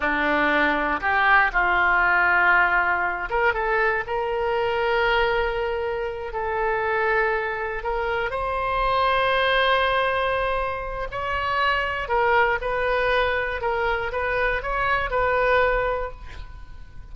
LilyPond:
\new Staff \with { instrumentName = "oboe" } { \time 4/4 \tempo 4 = 119 d'2 g'4 f'4~ | f'2~ f'8 ais'8 a'4 | ais'1~ | ais'8 a'2. ais'8~ |
ais'8 c''2.~ c''8~ | c''2 cis''2 | ais'4 b'2 ais'4 | b'4 cis''4 b'2 | }